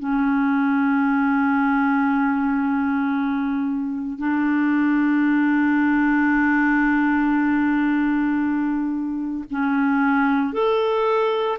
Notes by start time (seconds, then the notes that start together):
0.00 C#4
4.19 D4
9.51 C#4
10.53 A4